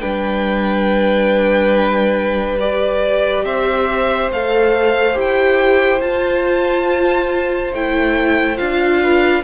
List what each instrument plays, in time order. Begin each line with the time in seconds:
0.00 cello G3, viola D4, violin B4 G5
2.60 viola G4, violin D5
3.45 cello C4, violin C5 E5
4.30 cello A3, viola A4, violin F5
5.13 cello E4, viola G4
5.20 violin G5
6.01 cello F4, viola F4, violin A5
7.72 cello A3, viola E4, violin G5
8.57 cello D4, viola F4, violin F5
9.02 violin B4